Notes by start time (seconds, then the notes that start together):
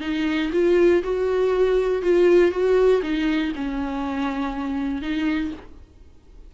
0.00 D#4
0.52 F4
1.03 F#4
2.02 F4
2.51 F#4
3.02 D#4
3.55 C#4
5.02 D#4